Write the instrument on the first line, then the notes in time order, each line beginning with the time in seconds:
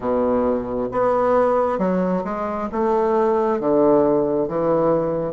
bassoon
0.00 B2
0.91 B3
1.78 F#3
2.23 G#3
2.72 A3
3.60 D3
4.48 E3